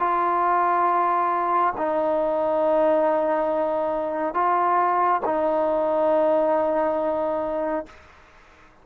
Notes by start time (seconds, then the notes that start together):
0.00 F4
1.77 D#4
4.34 F4
5.25 D#4